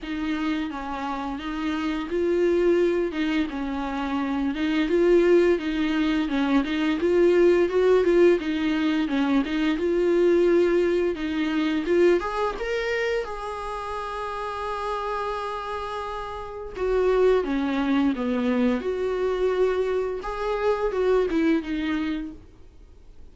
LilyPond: \new Staff \with { instrumentName = "viola" } { \time 4/4 \tempo 4 = 86 dis'4 cis'4 dis'4 f'4~ | f'8 dis'8 cis'4. dis'8 f'4 | dis'4 cis'8 dis'8 f'4 fis'8 f'8 | dis'4 cis'8 dis'8 f'2 |
dis'4 f'8 gis'8 ais'4 gis'4~ | gis'1 | fis'4 cis'4 b4 fis'4~ | fis'4 gis'4 fis'8 e'8 dis'4 | }